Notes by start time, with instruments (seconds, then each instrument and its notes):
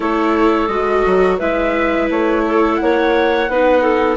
0.00 bassoon A3, viola E4, clarinet A4, flute C#5
0.67 bassoon G#3, viola F#4, flute D#5
1.06 bassoon F#3
1.38 bassoon G#3, viola E4, clarinet B4, flute E5
2.10 bassoon A3, flute C#5
2.46 clarinet A4
2.75 bassoon A#3, flute F#5
2.82 clarinet C#5
3.48 bassoon B3, viola D#4, clarinet B4
3.82 clarinet A4